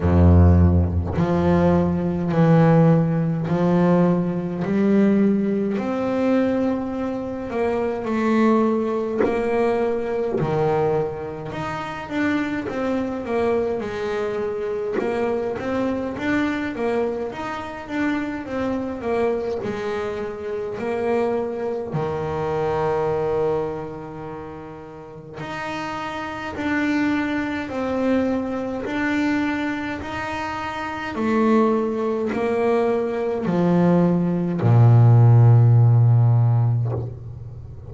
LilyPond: \new Staff \with { instrumentName = "double bass" } { \time 4/4 \tempo 4 = 52 f,4 f4 e4 f4 | g4 c'4. ais8 a4 | ais4 dis4 dis'8 d'8 c'8 ais8 | gis4 ais8 c'8 d'8 ais8 dis'8 d'8 |
c'8 ais8 gis4 ais4 dis4~ | dis2 dis'4 d'4 | c'4 d'4 dis'4 a4 | ais4 f4 ais,2 | }